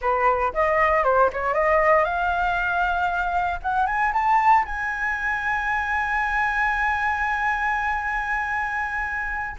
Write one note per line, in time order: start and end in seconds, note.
0.01 0.52 B4
0.53 1.03 D#5
1.03 1.29 C5
1.33 1.54 C#5
1.54 2.04 D#5
2.04 3.59 F5
3.62 3.86 F#5
3.86 4.12 G#5
4.13 4.65 A5
4.65 9.56 G#5